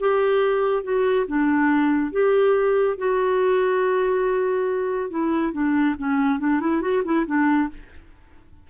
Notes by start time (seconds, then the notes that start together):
0.00 G4
0.84 F#4
1.27 D4
2.12 G4
2.98 F#4
5.11 E4
5.53 D4
5.99 C#4
6.40 D4
6.61 E4
6.82 F#4
7.05 E4
7.26 D4